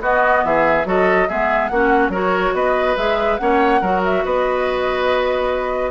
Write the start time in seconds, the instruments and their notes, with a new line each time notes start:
0.00 bassoon B3, clarinet B3, oboe F#4, flute D#5
0.43 bassoon E3, oboe G#4, flute E5
0.85 bassoon F#3, clarinet F#4, oboe A4, flute D#5
1.28 bassoon G#3, clarinet B3, oboe G#4, flute E5
1.67 bassoon A#3, clarinet C#4, oboe F#4, flute F#5
2.08 bassoon F#3, clarinet F#4, oboe A#4, flute C#5
2.53 bassoon B3, oboe B4, flute D#5
2.97 bassoon G#3, clarinet G#4, flute E5
3.37 bassoon A#3, clarinet C#4, oboe C#5, flute F#5
3.81 bassoon F#3, clarinet F#4, oboe A#4
4.04 flute E5
4.25 bassoon B3, oboe B4, flute D#5